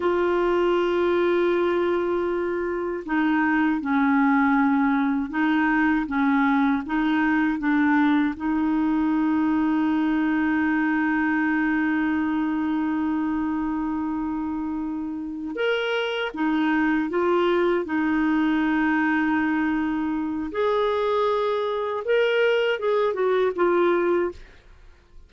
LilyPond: \new Staff \with { instrumentName = "clarinet" } { \time 4/4 \tempo 4 = 79 f'1 | dis'4 cis'2 dis'4 | cis'4 dis'4 d'4 dis'4~ | dis'1~ |
dis'1~ | dis'8 ais'4 dis'4 f'4 dis'8~ | dis'2. gis'4~ | gis'4 ais'4 gis'8 fis'8 f'4 | }